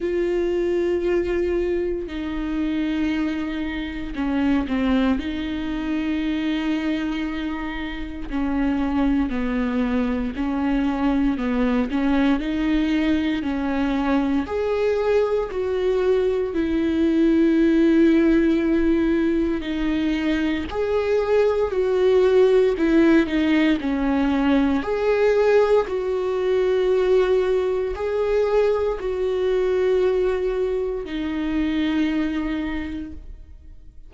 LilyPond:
\new Staff \with { instrumentName = "viola" } { \time 4/4 \tempo 4 = 58 f'2 dis'2 | cis'8 c'8 dis'2. | cis'4 b4 cis'4 b8 cis'8 | dis'4 cis'4 gis'4 fis'4 |
e'2. dis'4 | gis'4 fis'4 e'8 dis'8 cis'4 | gis'4 fis'2 gis'4 | fis'2 dis'2 | }